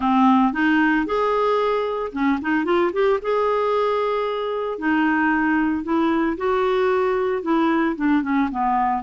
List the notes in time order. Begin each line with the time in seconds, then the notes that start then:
0.00 C4
0.52 D#4
1.05 G#4
2.12 C#4
2.41 D#4
2.65 F4
2.93 G4
3.21 G#4
4.78 D#4
5.83 E4
6.37 F#4
7.42 E4
7.95 D4
8.22 C#4
8.51 B3